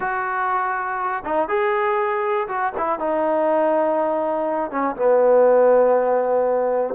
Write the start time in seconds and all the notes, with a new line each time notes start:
0.00 F#4
1.24 D#4
1.48 G#4
2.48 F#4
2.77 E4
2.99 D#4
4.70 C#4
4.96 B3